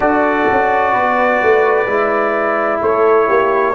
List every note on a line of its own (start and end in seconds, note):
0.00 0.47 D4
0.00 1.86 F#4
0.00 0.93 A4
0.00 2.80 D5
0.51 0.94 C#4
0.93 1.41 B3
0.93 2.80 B4
1.42 1.86 A3
1.86 2.79 G#3
1.86 3.74 E4
2.81 3.29 A3
2.81 3.27 A4
2.81 3.74 C#5
3.27 3.74 A#3
3.27 3.74 G4